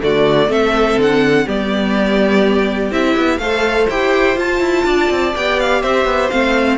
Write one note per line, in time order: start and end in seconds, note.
0.00 0.48 D3
0.00 0.48 A3
0.00 0.50 F#4
0.00 0.52 D5
0.48 0.96 A3
0.48 1.45 C4
0.48 1.46 A4
0.48 1.00 E5
0.97 1.46 D3
0.97 1.48 F#5
1.46 2.91 G3
1.46 2.91 B3
1.46 3.39 G4
1.46 2.92 D5
2.91 3.15 C4
2.91 3.40 E4
2.91 3.38 E5
3.17 3.38 B3
3.38 3.87 A3
3.38 3.90 A4
3.38 4.86 C5
3.38 3.86 F5
3.90 4.36 E4
3.90 4.36 G4
3.90 4.38 G5
4.36 5.33 F4
4.36 4.60 F4
4.36 5.36 A5
4.60 4.84 E4
4.85 5.09 D4
4.85 5.82 D5
5.10 5.34 C4
5.36 5.83 B3
5.36 6.31 G4
5.36 5.60 G5
5.60 5.82 F5
5.82 6.05 C4
5.82 6.77 C5
5.82 6.30 E5
6.05 6.29 B3
6.30 6.77 A3
6.30 6.77 C4
6.30 6.77 F5